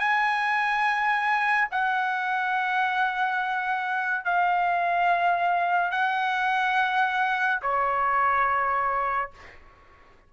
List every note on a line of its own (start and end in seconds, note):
0.00 1.69 G#5
1.72 4.25 F#5
4.25 5.92 F5
5.92 7.61 F#5
7.62 9.31 C#5